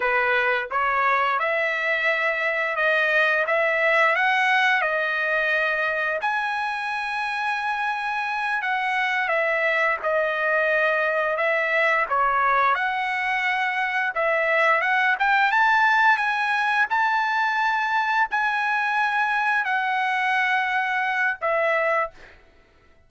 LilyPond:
\new Staff \with { instrumentName = "trumpet" } { \time 4/4 \tempo 4 = 87 b'4 cis''4 e''2 | dis''4 e''4 fis''4 dis''4~ | dis''4 gis''2.~ | gis''8 fis''4 e''4 dis''4.~ |
dis''8 e''4 cis''4 fis''4.~ | fis''8 e''4 fis''8 g''8 a''4 gis''8~ | gis''8 a''2 gis''4.~ | gis''8 fis''2~ fis''8 e''4 | }